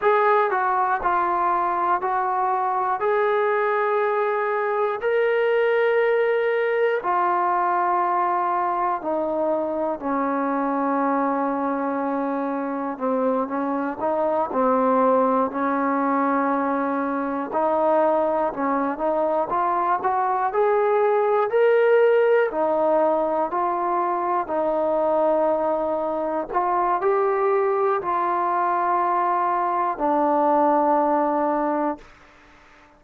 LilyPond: \new Staff \with { instrumentName = "trombone" } { \time 4/4 \tempo 4 = 60 gis'8 fis'8 f'4 fis'4 gis'4~ | gis'4 ais'2 f'4~ | f'4 dis'4 cis'2~ | cis'4 c'8 cis'8 dis'8 c'4 cis'8~ |
cis'4. dis'4 cis'8 dis'8 f'8 | fis'8 gis'4 ais'4 dis'4 f'8~ | f'8 dis'2 f'8 g'4 | f'2 d'2 | }